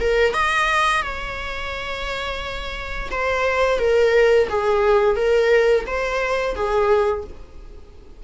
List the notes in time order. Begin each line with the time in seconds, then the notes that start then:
0.00 A#4
0.34 D#5
1.03 C#5
3.11 C5
3.79 A#4
4.49 G#4
5.16 A#4
5.87 C5
6.55 G#4